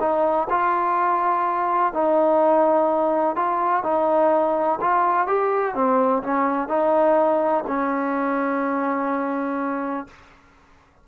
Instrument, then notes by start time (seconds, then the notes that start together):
trombone
0.00 D#4
0.50 F4
1.94 D#4
3.36 F4
3.83 D#4
4.81 F4
5.27 G4
5.74 C4
6.23 C#4
6.68 D#4
7.67 C#4